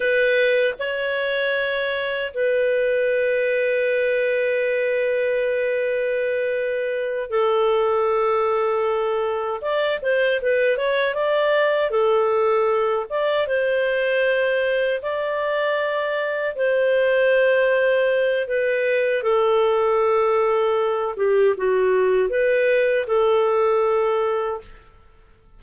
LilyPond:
\new Staff \with { instrumentName = "clarinet" } { \time 4/4 \tempo 4 = 78 b'4 cis''2 b'4~ | b'1~ | b'4. a'2~ a'8~ | a'8 d''8 c''8 b'8 cis''8 d''4 a'8~ |
a'4 d''8 c''2 d''8~ | d''4. c''2~ c''8 | b'4 a'2~ a'8 g'8 | fis'4 b'4 a'2 | }